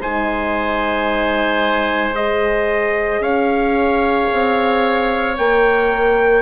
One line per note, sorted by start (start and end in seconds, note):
0.00 3.19 G#3
0.00 2.15 D#4
0.00 3.21 C5
0.00 2.15 G#5
2.15 5.37 G#4
2.15 3.22 D#5
3.19 4.26 C#4
3.19 6.42 C#5
3.19 5.36 F5
4.32 5.38 C4
5.37 6.42 A#3
5.37 6.42 A#4
5.37 6.42 G5